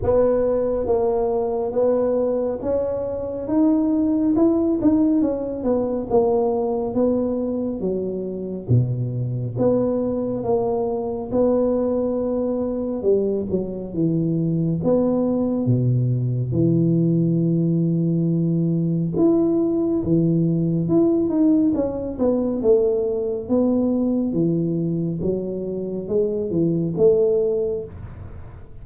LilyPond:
\new Staff \with { instrumentName = "tuba" } { \time 4/4 \tempo 4 = 69 b4 ais4 b4 cis'4 | dis'4 e'8 dis'8 cis'8 b8 ais4 | b4 fis4 b,4 b4 | ais4 b2 g8 fis8 |
e4 b4 b,4 e4~ | e2 e'4 e4 | e'8 dis'8 cis'8 b8 a4 b4 | e4 fis4 gis8 e8 a4 | }